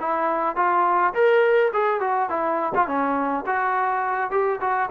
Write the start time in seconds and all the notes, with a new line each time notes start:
0.00 E4
0.56 F4
1.14 A#4
1.73 G#4
2.00 F#4
2.29 E4
2.75 F4
2.87 C#4
3.46 F#4
4.31 G4
4.60 F#4